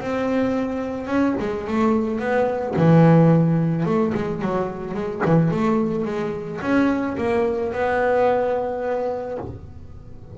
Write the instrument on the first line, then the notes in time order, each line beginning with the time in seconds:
double bass
0.00 C4
1.07 C#4
1.40 G#3
1.67 A3
2.19 B3
2.76 E3
3.85 A3
4.14 G#3
4.41 F#3
4.94 G#3
5.25 E3
5.51 A3
6.05 G#3
6.61 C#4
7.17 A#3
7.72 B3